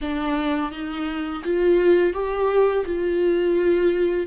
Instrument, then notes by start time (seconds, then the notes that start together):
viola
0.01 D4
0.71 D#4
1.44 F4
2.13 G4
2.85 F4